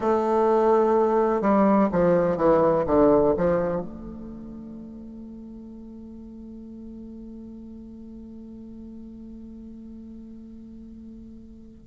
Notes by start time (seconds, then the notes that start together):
0.00 A3
1.41 G3
1.91 F3
2.36 E3
2.86 D3
3.37 F3
3.81 A3